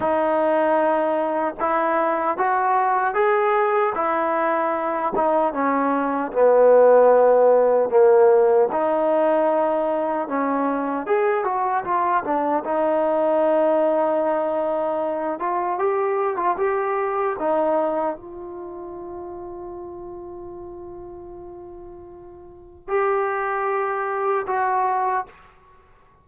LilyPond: \new Staff \with { instrumentName = "trombone" } { \time 4/4 \tempo 4 = 76 dis'2 e'4 fis'4 | gis'4 e'4. dis'8 cis'4 | b2 ais4 dis'4~ | dis'4 cis'4 gis'8 fis'8 f'8 d'8 |
dis'2.~ dis'8 f'8 | g'8. f'16 g'4 dis'4 f'4~ | f'1~ | f'4 g'2 fis'4 | }